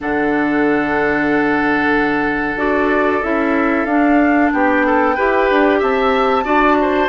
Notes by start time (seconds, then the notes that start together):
0.01 D3 D4 A4 F#5
2.55 D4 F#4 D5
3.22 C#4 E4 E5
3.85 D4 F5
4.52 B3 G4 G5
4.86 A4
5.15 E4 G4 B4
5.50 D4
5.79 C4 E5 A5
6.43 D4 F#4 D5
6.81 C5